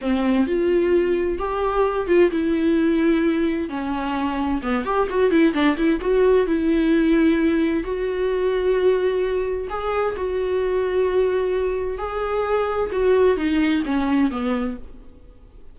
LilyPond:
\new Staff \with { instrumentName = "viola" } { \time 4/4 \tempo 4 = 130 c'4 f'2 g'4~ | g'8 f'8 e'2. | cis'2 b8 g'8 fis'8 e'8 | d'8 e'8 fis'4 e'2~ |
e'4 fis'2.~ | fis'4 gis'4 fis'2~ | fis'2 gis'2 | fis'4 dis'4 cis'4 b4 | }